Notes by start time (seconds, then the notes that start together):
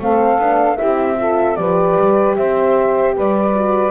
0.00 A3 C4 A4 F5
0.39 B3 D4
0.76 E4 G4 E5
0.82 C4
1.17 F4 A4
1.56 F3 G4 B4 D5
1.97 G3
2.36 C4 C5 E5
3.15 G3 B4 D5
3.55 F#4